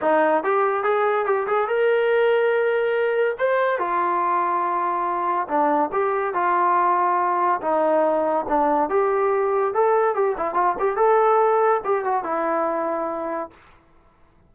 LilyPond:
\new Staff \with { instrumentName = "trombone" } { \time 4/4 \tempo 4 = 142 dis'4 g'4 gis'4 g'8 gis'8 | ais'1 | c''4 f'2.~ | f'4 d'4 g'4 f'4~ |
f'2 dis'2 | d'4 g'2 a'4 | g'8 e'8 f'8 g'8 a'2 | g'8 fis'8 e'2. | }